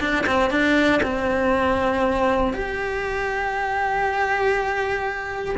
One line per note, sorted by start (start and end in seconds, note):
0.00 0.25 D4
0.27 0.50 C4
0.50 1.01 D4
1.03 2.53 C4
2.53 5.56 G4